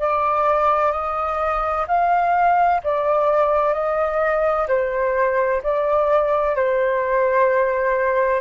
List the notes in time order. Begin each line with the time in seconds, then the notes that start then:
0.00 D5
0.92 D#5
1.88 F5
2.84 D5
3.74 D#5
4.69 C5
5.63 D5
6.56 C5